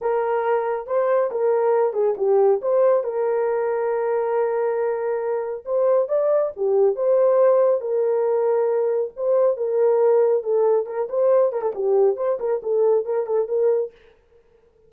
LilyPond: \new Staff \with { instrumentName = "horn" } { \time 4/4 \tempo 4 = 138 ais'2 c''4 ais'4~ | ais'8 gis'8 g'4 c''4 ais'4~ | ais'1~ | ais'4 c''4 d''4 g'4 |
c''2 ais'2~ | ais'4 c''4 ais'2 | a'4 ais'8 c''4 ais'16 a'16 g'4 | c''8 ais'8 a'4 ais'8 a'8 ais'4 | }